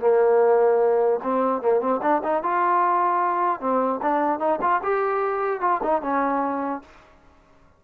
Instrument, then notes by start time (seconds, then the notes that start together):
trombone
0.00 A#3
1.23 C4
1.61 A#3
1.80 C4
2.02 D4
2.23 D#4
2.43 F4
3.60 C4
4.02 D4
4.39 D#4
4.61 F4
4.83 G4
5.60 F4
5.83 D#4
6.01 C#4